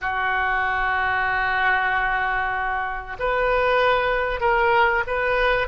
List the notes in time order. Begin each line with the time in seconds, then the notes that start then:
0.01 F#4
3.19 B4
4.40 A#4
5.07 B4